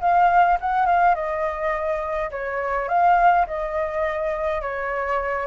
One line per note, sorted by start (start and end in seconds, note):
0.00 0.58 F5
0.60 0.86 F#5
0.86 1.15 F5
1.15 2.30 D#5
2.31 2.88 C#5
2.88 3.46 F5
3.46 4.61 D#5
4.61 5.46 C#5